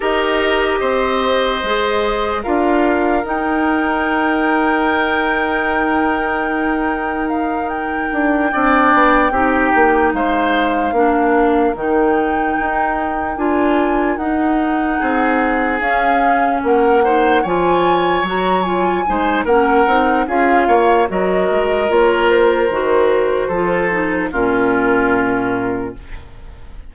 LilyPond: <<
  \new Staff \with { instrumentName = "flute" } { \time 4/4 \tempo 4 = 74 dis''2. f''4 | g''1~ | g''4 f''8 g''2~ g''8~ | g''8 f''2 g''4.~ |
g''8 gis''4 fis''2 f''8~ | f''8 fis''4 gis''4 ais''8 gis''4 | fis''4 f''4 dis''4 cis''8 c''8~ | c''2 ais'2 | }
  \new Staff \with { instrumentName = "oboe" } { \time 4/4 ais'4 c''2 ais'4~ | ais'1~ | ais'2~ ais'8 d''4 g'8~ | g'8 c''4 ais'2~ ais'8~ |
ais'2~ ais'8 gis'4.~ | gis'8 ais'8 c''8 cis''2 c''8 | ais'4 gis'8 cis''8 ais'2~ | ais'4 a'4 f'2 | }
  \new Staff \with { instrumentName = "clarinet" } { \time 4/4 g'2 gis'4 f'4 | dis'1~ | dis'2~ dis'8 d'4 dis'8~ | dis'4. d'4 dis'4.~ |
dis'8 f'4 dis'2 cis'8~ | cis'4 dis'8 f'4 fis'8 f'8 dis'8 | cis'8 dis'8 f'4 fis'4 f'4 | fis'4 f'8 dis'8 cis'2 | }
  \new Staff \with { instrumentName = "bassoon" } { \time 4/4 dis'4 c'4 gis4 d'4 | dis'1~ | dis'2 d'8 c'8 b8 c'8 | ais8 gis4 ais4 dis4 dis'8~ |
dis'8 d'4 dis'4 c'4 cis'8~ | cis'8 ais4 f4 fis4 gis8 | ais8 c'8 cis'8 ais8 fis8 gis8 ais4 | dis4 f4 ais,2 | }
>>